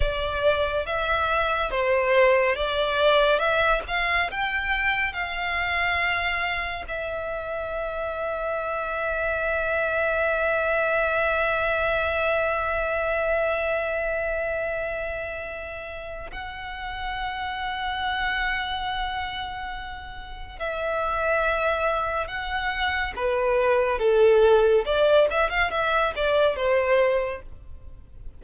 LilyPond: \new Staff \with { instrumentName = "violin" } { \time 4/4 \tempo 4 = 70 d''4 e''4 c''4 d''4 | e''8 f''8 g''4 f''2 | e''1~ | e''1~ |
e''2. fis''4~ | fis''1 | e''2 fis''4 b'4 | a'4 d''8 e''16 f''16 e''8 d''8 c''4 | }